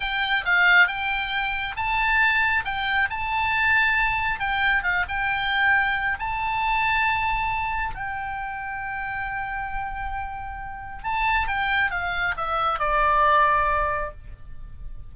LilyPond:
\new Staff \with { instrumentName = "oboe" } { \time 4/4 \tempo 4 = 136 g''4 f''4 g''2 | a''2 g''4 a''4~ | a''2 g''4 f''8 g''8~ | g''2 a''2~ |
a''2 g''2~ | g''1~ | g''4 a''4 g''4 f''4 | e''4 d''2. | }